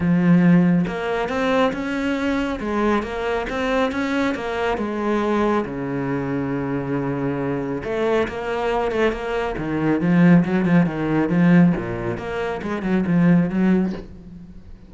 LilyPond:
\new Staff \with { instrumentName = "cello" } { \time 4/4 \tempo 4 = 138 f2 ais4 c'4 | cis'2 gis4 ais4 | c'4 cis'4 ais4 gis4~ | gis4 cis2.~ |
cis2 a4 ais4~ | ais8 a8 ais4 dis4 f4 | fis8 f8 dis4 f4 ais,4 | ais4 gis8 fis8 f4 fis4 | }